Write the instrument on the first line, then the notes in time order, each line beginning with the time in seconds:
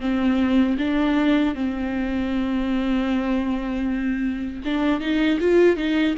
viola
0.00 C4
0.78 D4
1.55 C4
4.64 D4
5.00 D#4
5.40 F4
5.76 D#4